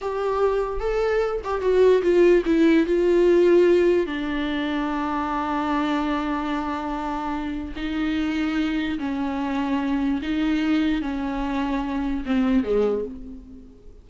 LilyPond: \new Staff \with { instrumentName = "viola" } { \time 4/4 \tempo 4 = 147 g'2 a'4. g'8 | fis'4 f'4 e'4 f'4~ | f'2 d'2~ | d'1~ |
d'2. dis'4~ | dis'2 cis'2~ | cis'4 dis'2 cis'4~ | cis'2 c'4 gis4 | }